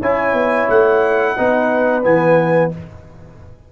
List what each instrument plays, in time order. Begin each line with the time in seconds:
0.00 tuba C#4, trombone E4, horn C#5, trumpet G#5
0.33 tuba B3
0.69 tuba A3, trumpet F#5
1.37 tuba B3, trombone D#4, horn B4
2.03 tuba E3, trombone B3, trumpet G#5